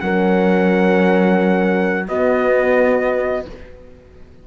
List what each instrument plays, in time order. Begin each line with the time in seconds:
0.00 cello F#3, horn C#4 A#4, trumpet F#5
2.07 cello B3, horn B3 F#4, trumpet D#5